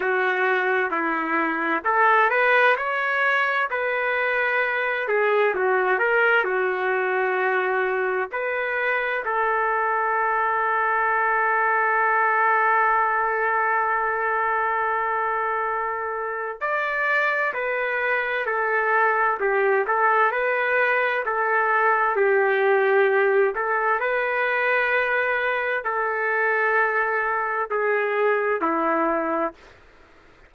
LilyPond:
\new Staff \with { instrumentName = "trumpet" } { \time 4/4 \tempo 4 = 65 fis'4 e'4 a'8 b'8 cis''4 | b'4. gis'8 fis'8 ais'8 fis'4~ | fis'4 b'4 a'2~ | a'1~ |
a'2 d''4 b'4 | a'4 g'8 a'8 b'4 a'4 | g'4. a'8 b'2 | a'2 gis'4 e'4 | }